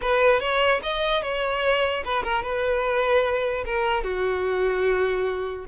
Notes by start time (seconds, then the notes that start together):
0.01 B4
0.40 C#5
0.82 D#5
1.22 C#5
2.04 B4
2.23 A#4
2.43 B4
3.65 A#4
4.03 F#4